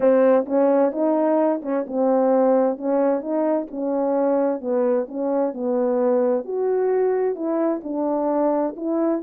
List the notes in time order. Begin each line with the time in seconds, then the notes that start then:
0.00 C4
0.46 C#4
0.91 D#4
1.62 C#4
1.86 C4
2.77 C#4
3.20 D#4
3.70 C#4
4.60 B3
5.07 C#4
5.53 B3
6.44 F#4
7.35 E4
7.83 D4
8.76 E4